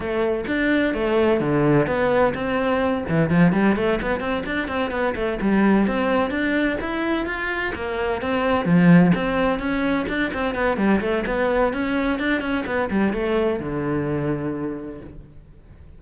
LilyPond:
\new Staff \with { instrumentName = "cello" } { \time 4/4 \tempo 4 = 128 a4 d'4 a4 d4 | b4 c'4. e8 f8 g8 | a8 b8 c'8 d'8 c'8 b8 a8 g8~ | g8 c'4 d'4 e'4 f'8~ |
f'8 ais4 c'4 f4 c'8~ | c'8 cis'4 d'8 c'8 b8 g8 a8 | b4 cis'4 d'8 cis'8 b8 g8 | a4 d2. | }